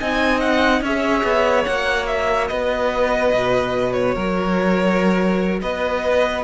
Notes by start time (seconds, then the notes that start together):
0.00 C4 D#4 D#5 G#5
0.40 F#5
0.81 C#4 G#4 C#5 E5
1.24 B3
1.65 A#3 F#4 F#5
2.07 E5
2.48 B3 B4 D#5
3.35 B2
3.93 C#5
4.15 F#3 A#4
5.62 B3 B4 D#5